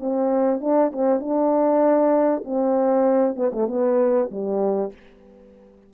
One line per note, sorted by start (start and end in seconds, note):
0.00 0.61 C4
0.61 0.92 D4
0.93 1.20 C4
1.20 2.44 D4
2.45 3.36 C4
3.36 3.51 B3
3.53 3.68 A3
3.68 4.30 B3
4.31 4.93 G3